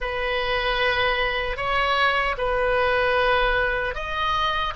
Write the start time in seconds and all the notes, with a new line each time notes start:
0.00 B4
1.56 C#5
2.37 B4
3.94 D#5